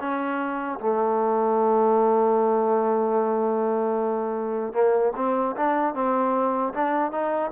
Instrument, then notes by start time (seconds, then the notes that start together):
trombone
0.00 C#4
0.80 A3
4.73 A#3
5.16 C4
5.57 D4
5.94 C4
6.74 D4
7.12 D#4